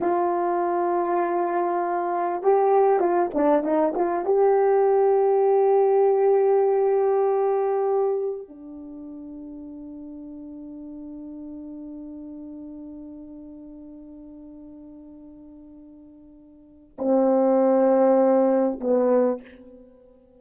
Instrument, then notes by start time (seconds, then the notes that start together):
horn
0.00 F4
2.42 G4
2.99 F4
3.34 D4
3.63 D#4
3.95 F4
4.25 G4
8.48 D4
16.98 C4
18.80 B3